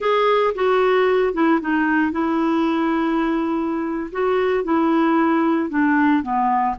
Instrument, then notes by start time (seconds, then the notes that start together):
clarinet
0.00 G#4
0.54 F#4
1.33 E4
1.60 D#4
2.11 E4
4.12 F#4
4.64 E4
5.69 D4
6.22 B3